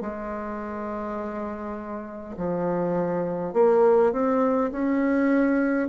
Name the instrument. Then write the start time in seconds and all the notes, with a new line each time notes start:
bassoon
0.00 G#3
2.36 F3
3.53 A#3
4.12 C4
4.72 C#4